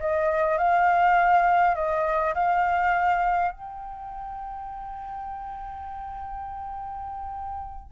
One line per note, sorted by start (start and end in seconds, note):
0.00 0.58 D#5
0.58 1.75 F5
1.75 2.34 D#5
2.34 3.52 F5
3.52 7.92 G5